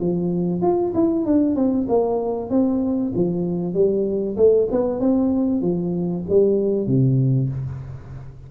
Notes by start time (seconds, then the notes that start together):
0.00 F3
0.62 F4
0.94 E4
1.25 D4
1.56 C4
1.88 A#3
2.50 C4
3.14 F3
3.74 G3
4.37 A3
4.71 B3
5.00 C4
5.61 F3
6.29 G3
6.87 C3